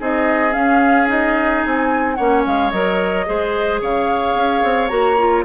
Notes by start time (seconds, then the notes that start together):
0.00 C4 D#4 G#4 D#5
0.51 C#4 F5
1.08 D#4 D#5
1.65 C4 G#5
2.15 A#3 C#4 C#5 F#5
2.47 G#3 F5
2.71 F#3 A#4 D#5
3.26 G#3 G#4 C5
3.81 C#3 C#5 F5
4.35 C#4
4.64 C4
4.89 A#3 F#4 A#5
5.18 F4